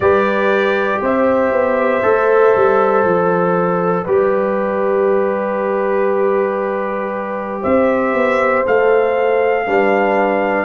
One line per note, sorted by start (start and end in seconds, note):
0.00 0.99 G3
0.00 2.02 G4
0.00 1.01 B4
0.00 1.01 D5
1.01 1.52 C4
1.01 4.04 C5
1.01 3.06 E5
1.52 2.03 B3
2.02 2.55 A3
2.02 4.05 A4
2.55 3.04 G3
3.04 4.06 F3
3.04 7.62 D5
4.04 7.63 G3
4.04 8.64 G4
4.04 7.60 B4
7.62 8.14 C4
7.62 9.65 C5
7.62 8.64 E5
8.14 8.64 B3
8.64 9.67 A3
8.64 9.66 A4
8.64 10.65 F5
9.66 10.65 G3
9.66 10.65 D4
9.66 10.65 B4